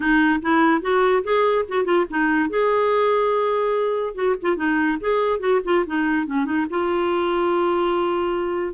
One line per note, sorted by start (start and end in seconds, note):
0.00 0.40 D#4
0.42 0.81 E4
0.81 1.23 F#4
1.23 1.65 G#4
1.68 1.84 F#4
1.84 2.05 F4
2.10 2.49 D#4
2.49 4.14 G#4
4.14 4.35 F#4
4.41 4.56 F4
4.56 4.98 D#4
5.00 5.39 G#4
5.39 5.60 F#4
5.64 5.85 F4
5.86 6.26 D#4
6.26 6.45 C#4
6.45 6.66 D#4
6.70 8.74 F4